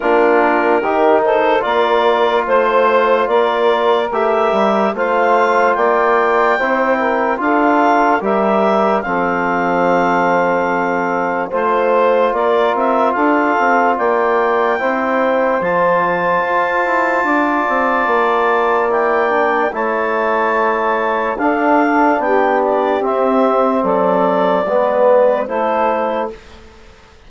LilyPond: <<
  \new Staff \with { instrumentName = "clarinet" } { \time 4/4 \tempo 4 = 73 ais'4. c''8 d''4 c''4 | d''4 e''4 f''4 g''4~ | g''4 f''4 e''4 f''4~ | f''2 c''4 d''8 e''8 |
f''4 g''2 a''4~ | a''2. g''4 | a''2 f''4 g''8 d''8 | e''4 d''2 c''4 | }
  \new Staff \with { instrumentName = "saxophone" } { \time 4/4 f'4 g'8 a'8 ais'4 c''4 | ais'2 c''4 d''4 | c''8 ais'8 a'4 ais'4 a'4~ | a'2 c''4 ais'4 |
a'4 d''4 c''2~ | c''4 d''2. | cis''2 a'4 g'4~ | g'4 a'4 b'4 a'4 | }
  \new Staff \with { instrumentName = "trombone" } { \time 4/4 d'4 dis'4 f'2~ | f'4 g'4 f'2 | e'4 f'4 g'4 c'4~ | c'2 f'2~ |
f'2 e'4 f'4~ | f'2. e'8 d'8 | e'2 d'2 | c'2 b4 e'4 | }
  \new Staff \with { instrumentName = "bassoon" } { \time 4/4 ais4 dis4 ais4 a4 | ais4 a8 g8 a4 ais4 | c'4 d'4 g4 f4~ | f2 a4 ais8 c'8 |
d'8 c'8 ais4 c'4 f4 | f'8 e'8 d'8 c'8 ais2 | a2 d'4 b4 | c'4 fis4 gis4 a4 | }
>>